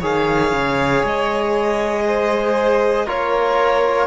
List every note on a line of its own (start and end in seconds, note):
0.00 0.52 D#3
0.00 3.07 G#4
0.00 2.03 C#5
0.00 1.06 F5
0.52 1.03 C#3
1.04 3.08 G#3
1.04 3.09 D#5
2.07 3.06 C5
3.06 4.07 A#3
3.06 4.07 F4
3.06 4.07 A#4
3.06 4.07 C#5